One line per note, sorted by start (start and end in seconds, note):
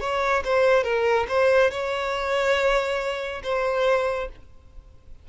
0.00 0.43 C#5
0.44 0.83 C5
0.83 1.26 A#4
1.28 1.70 C5
1.70 3.42 C#5
3.43 4.29 C5